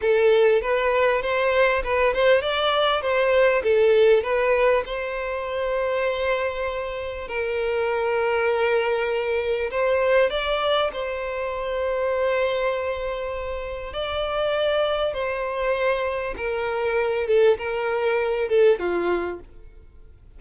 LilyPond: \new Staff \with { instrumentName = "violin" } { \time 4/4 \tempo 4 = 99 a'4 b'4 c''4 b'8 c''8 | d''4 c''4 a'4 b'4 | c''1 | ais'1 |
c''4 d''4 c''2~ | c''2. d''4~ | d''4 c''2 ais'4~ | ais'8 a'8 ais'4. a'8 f'4 | }